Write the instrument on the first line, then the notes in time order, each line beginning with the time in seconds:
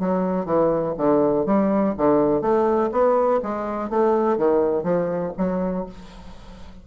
bassoon
0.00 F#3
0.46 E3
0.98 D3
1.46 G3
1.98 D3
2.42 A3
2.92 B3
3.43 G#3
3.90 A3
4.37 D#3
4.84 F3
5.37 F#3